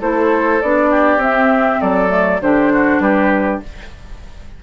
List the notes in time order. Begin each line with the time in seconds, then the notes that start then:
0.00 A3 E4 A4 C5
0.61 B3 D4 D5
0.90 G4
1.17 C4 E5
1.81 F#3 A4 D5
2.08 A3
2.40 D3 D4 G4 C5
2.73 F#4
2.99 G3 G4 B4